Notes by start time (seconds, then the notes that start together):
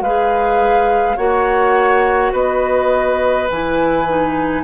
0.00 G#3 G#4 B4 F5
1.16 A#3 F#4 C#5 F#5
2.32 B3 B4 D#5
3.49 E3 E4 G#5
4.07 D#4